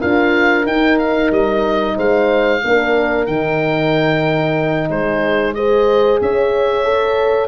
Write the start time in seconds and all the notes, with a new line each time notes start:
0.00 D4 F4 A#4 F5
0.64 D#4 G5
0.99 F5
1.31 G3 D#5
1.96 G#3 C5 F5
2.64 A#3 D4 A#4
3.26 D#3 D#4 G5
4.89 G#3 G#4 C5
5.54 G#4 C5 D#5
6.21 C#4 C#5 E5
6.84 A4